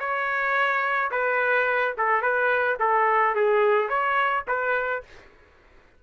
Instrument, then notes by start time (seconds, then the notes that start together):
trumpet
0.00 C#5
1.12 B4
1.98 A4
2.22 B4
2.80 A4
3.36 G#4
3.89 C#5
4.48 B4